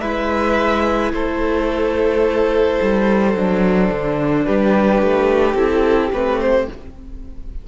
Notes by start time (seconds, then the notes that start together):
0.00 G#3 E4 B4 E5
1.12 A3 A4 C5
2.81 G3
3.34 F#3 D4
3.90 D3
4.45 G3 G4 B4
5.02 A3
5.54 C4 E4 A4
6.12 A3 C4 B4
6.39 C5